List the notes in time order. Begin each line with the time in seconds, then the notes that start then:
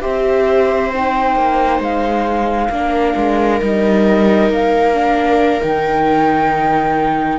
0.00 C4 G4 C5 E5
0.92 D#4 G5
1.35 A#3
1.79 G#3 F5
2.69 A#3 D4 A#4
3.16 G#3
3.61 G3 D#4 D#5
4.49 A#3 F5
4.93 D4
5.61 D#3 D#4 G5